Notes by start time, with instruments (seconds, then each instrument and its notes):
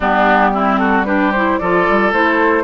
0.00 bassoon G3, clarinet B3, oboe D4, flute G4
0.54 clarinet C4, oboe E4
0.77 oboe F#4, flute A4
1.05 clarinet D4, oboe G4, flute B4
1.31 clarinet E4, flute C5
1.58 bassoon F3, clarinet F4, oboe A4, flute D5
1.88 bassoon G3
2.12 bassoon A3, clarinet E4, flute C5